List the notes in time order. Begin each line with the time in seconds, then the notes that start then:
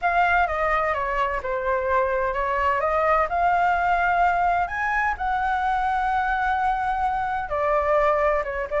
0.01 F5
0.47 D#5
0.94 C#5
1.43 C5
2.33 C#5
2.80 D#5
3.29 F5
4.67 G#5
5.17 F#5
7.49 D5
8.44 C#5
8.70 D5